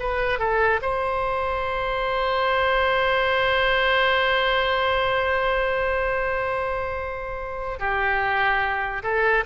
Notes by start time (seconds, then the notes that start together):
0.00 B4
0.40 A4
0.82 C5
7.80 G4
9.04 A4